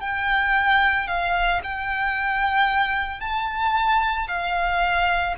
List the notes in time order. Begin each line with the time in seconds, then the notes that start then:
0.00 G5
1.07 F5
1.63 G5
3.20 A5
4.28 F5